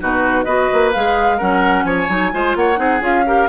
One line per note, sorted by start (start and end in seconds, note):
0.00 0.46 B2
0.00 0.45 D#4
0.00 0.44 F#4
0.00 0.44 B4
0.44 0.69 B3
0.44 0.92 F#4
0.44 1.37 B4
0.44 0.90 D#5
0.72 0.95 A#3
0.92 1.41 G#3
0.92 1.39 G#4
0.92 1.39 F5
1.37 1.84 F#3
1.37 2.08 C#4
1.37 1.84 A#4
1.37 1.84 F#5
1.84 2.07 F3
1.84 2.32 C#5
1.84 2.54 G#5
2.08 2.32 F#3
2.08 2.31 D#4
2.32 2.55 G#3
2.32 2.75 F4
2.32 2.57 C5
2.55 2.78 A#3
2.55 2.79 C#5
2.55 3.02 F#5
2.75 3.00 C4
2.75 2.99 D#4
2.75 3.25 G#4
3.00 3.47 C#4
3.00 3.24 F4
3.00 3.49 F5
3.26 3.49 G4
3.26 3.49 A#4